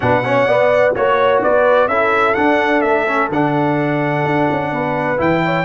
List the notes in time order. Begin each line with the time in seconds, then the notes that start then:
0.00 B2 D4 B4 F#5
0.24 C#4 C#5
0.47 B3 D5
0.94 A#3 F#4 C#5
1.42 B3 B4 D5
1.88 C#4 E4 A4 E5
2.34 D4 F#5
2.81 A3 E5
3.07 C#4
3.29 D3 D4 F#5
4.24 D4
4.51 C#4
4.71 B3 B4
5.17 E3 E4 G5
5.45 C#5